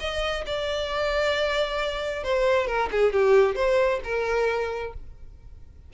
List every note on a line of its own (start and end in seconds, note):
0.00 0.45 D#5
0.46 2.24 D5
2.24 2.67 C5
2.67 2.90 A#4
2.92 3.13 G#4
3.13 3.56 G4
3.56 4.01 C5
4.04 4.94 A#4